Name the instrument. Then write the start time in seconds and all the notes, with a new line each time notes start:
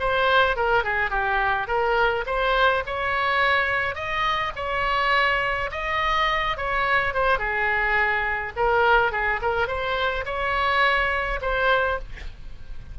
oboe
0.00 C5
0.56 A#4
0.84 G#4
1.10 G4
1.68 A#4
2.26 C5
2.86 C#5
3.95 D#5
4.56 C#5
5.71 D#5
6.57 C#5
7.14 C5
7.39 G#4
8.56 A#4
9.12 G#4
9.42 A#4
9.68 C5
10.26 C#5
11.42 C5